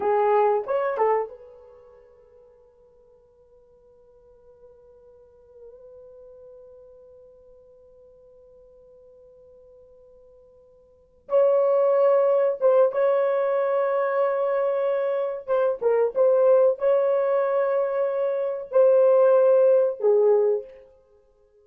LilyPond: \new Staff \with { instrumentName = "horn" } { \time 4/4 \tempo 4 = 93 gis'4 cis''8 a'8 b'2~ | b'1~ | b'1~ | b'1~ |
b'4. cis''2 c''8 | cis''1 | c''8 ais'8 c''4 cis''2~ | cis''4 c''2 gis'4 | }